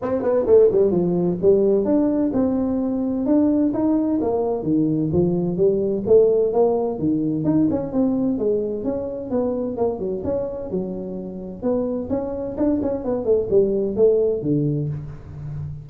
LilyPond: \new Staff \with { instrumentName = "tuba" } { \time 4/4 \tempo 4 = 129 c'8 b8 a8 g8 f4 g4 | d'4 c'2 d'4 | dis'4 ais4 dis4 f4 | g4 a4 ais4 dis4 |
dis'8 cis'8 c'4 gis4 cis'4 | b4 ais8 fis8 cis'4 fis4~ | fis4 b4 cis'4 d'8 cis'8 | b8 a8 g4 a4 d4 | }